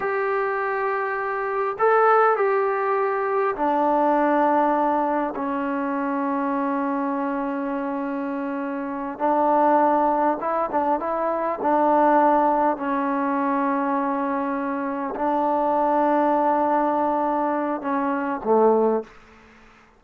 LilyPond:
\new Staff \with { instrumentName = "trombone" } { \time 4/4 \tempo 4 = 101 g'2. a'4 | g'2 d'2~ | d'4 cis'2.~ | cis'2.~ cis'8 d'8~ |
d'4. e'8 d'8 e'4 d'8~ | d'4. cis'2~ cis'8~ | cis'4. d'2~ d'8~ | d'2 cis'4 a4 | }